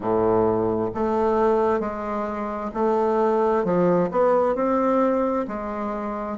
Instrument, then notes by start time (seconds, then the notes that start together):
bassoon
0.00 A2
0.94 A3
1.79 G#3
2.74 A3
3.64 F3
4.11 B3
4.55 C4
5.48 G#3